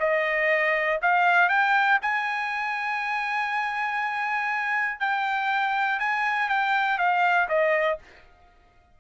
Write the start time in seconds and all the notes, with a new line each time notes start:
0.00 D#5
1.02 F5
1.49 G5
2.02 G#5
5.00 G5
6.00 G#5
6.50 G5
6.99 F5
7.49 D#5